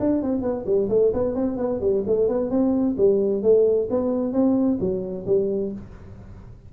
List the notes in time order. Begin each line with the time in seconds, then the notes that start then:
0.00 D4
0.23 C4
0.42 B3
0.66 G3
0.89 A3
1.13 B3
1.35 C4
1.57 B3
1.81 G3
2.07 A3
2.28 B3
2.50 C4
2.98 G3
3.43 A3
3.90 B3
4.33 C4
4.80 F#3
5.27 G3